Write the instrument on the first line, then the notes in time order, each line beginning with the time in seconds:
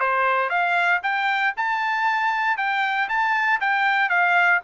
trumpet
0.00 C5
0.49 F5
1.03 G5
1.57 A5
2.57 G5
3.09 A5
3.60 G5
4.09 F5